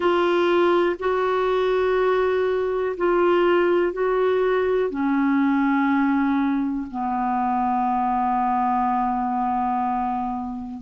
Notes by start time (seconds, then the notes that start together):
0.00 F4
0.99 F#4
2.97 F4
3.93 F#4
4.90 C#4
6.91 B3